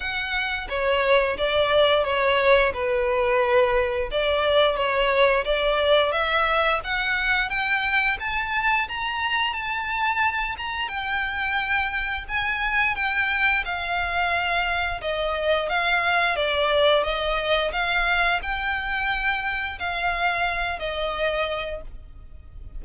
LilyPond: \new Staff \with { instrumentName = "violin" } { \time 4/4 \tempo 4 = 88 fis''4 cis''4 d''4 cis''4 | b'2 d''4 cis''4 | d''4 e''4 fis''4 g''4 | a''4 ais''4 a''4. ais''8 |
g''2 gis''4 g''4 | f''2 dis''4 f''4 | d''4 dis''4 f''4 g''4~ | g''4 f''4. dis''4. | }